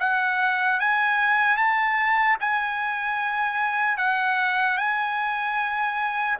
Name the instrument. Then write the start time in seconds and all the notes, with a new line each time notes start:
trumpet
0.00 F#5
0.80 G#5
1.57 A5
2.40 G#5
3.97 F#5
4.78 G#5